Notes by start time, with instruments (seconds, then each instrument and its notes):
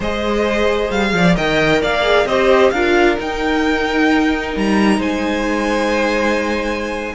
0.00 cello G#3, viola G#4, violin C5 D#5
0.90 cello G3, violin F5
1.13 cello F3, violin D5
1.35 cello D#3, viola A#4, violin D#5 G5
1.81 cello A#3, violin D5 F5
2.02 viola G#4
2.25 cello C4, viola G4, violin C5 D#5
2.70 cello D4, viola F4, violin A#4 F5
3.18 viola D#4, cello D#4, violin G5
4.56 cello G3, violin A#5
4.98 cello G#3, violin C5 G#5